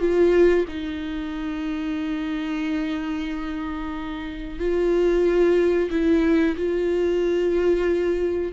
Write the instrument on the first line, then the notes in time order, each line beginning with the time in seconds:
viola
0.00 F4
0.68 D#4
4.59 F4
5.91 E4
6.57 F4